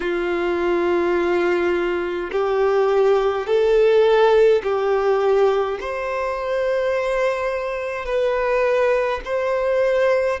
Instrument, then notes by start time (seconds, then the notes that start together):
violin
0.00 F4
2.31 G4
3.46 A4
4.63 G4
5.80 C5
8.05 B4
9.24 C5